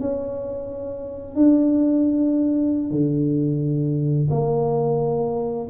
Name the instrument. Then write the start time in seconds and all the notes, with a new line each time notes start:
tuba
0.00 C#4
1.35 D4
2.90 D3
4.30 A#3